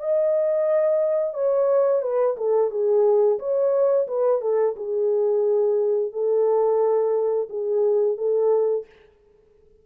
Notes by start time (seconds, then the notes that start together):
0.00 D#5
1.34 C#5
2.02 B4
2.37 A4
2.71 G#4
3.39 C#5
4.08 B4
4.42 A4
4.76 G#4
6.12 A4
7.49 G#4
8.18 A4